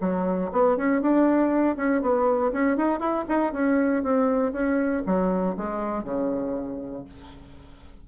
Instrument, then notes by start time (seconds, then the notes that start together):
bassoon
0.00 F#3
0.51 B3
0.76 C#4
1.01 D4
1.76 C#4
2.01 B3
2.52 C#4
2.76 D#4
2.99 E4
3.28 D#4
3.52 C#4
4.03 C4
4.52 C#4
5.06 F#3
5.56 G#3
6.03 C#3